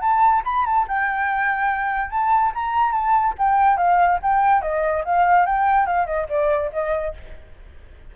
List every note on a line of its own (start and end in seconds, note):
0.00 0.42 A5
0.44 0.65 B5
0.65 0.86 A5
0.88 2.10 G5
2.10 2.52 A5
2.54 2.91 A#5
2.91 3.33 A5
3.38 3.76 G5
3.76 4.18 F5
4.22 4.61 G5
4.61 5.03 D#5
5.04 5.46 F5
5.46 5.86 G5
5.86 6.06 F5
6.06 6.27 D#5
6.29 6.71 D5
6.72 7.14 D#5